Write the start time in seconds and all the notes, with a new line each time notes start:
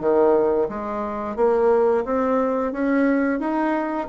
0.00 D#3
0.68 G#3
1.36 A#3
2.05 C4
2.72 C#4
3.39 D#4